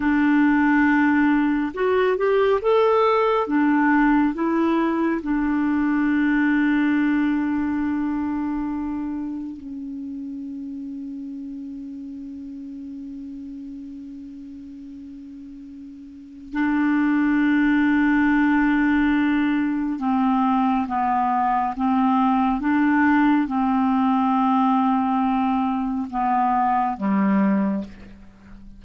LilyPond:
\new Staff \with { instrumentName = "clarinet" } { \time 4/4 \tempo 4 = 69 d'2 fis'8 g'8 a'4 | d'4 e'4 d'2~ | d'2. cis'4~ | cis'1~ |
cis'2. d'4~ | d'2. c'4 | b4 c'4 d'4 c'4~ | c'2 b4 g4 | }